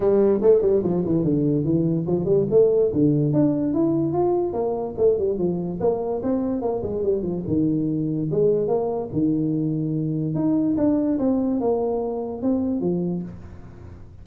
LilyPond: \new Staff \with { instrumentName = "tuba" } { \time 4/4 \tempo 4 = 145 g4 a8 g8 f8 e8 d4 | e4 f8 g8 a4 d4 | d'4 e'4 f'4 ais4 | a8 g8 f4 ais4 c'4 |
ais8 gis8 g8 f8 dis2 | gis4 ais4 dis2~ | dis4 dis'4 d'4 c'4 | ais2 c'4 f4 | }